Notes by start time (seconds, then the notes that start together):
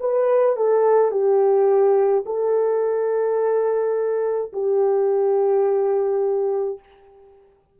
0.00 B4
0.57 A4
1.12 G4
2.26 A4
4.53 G4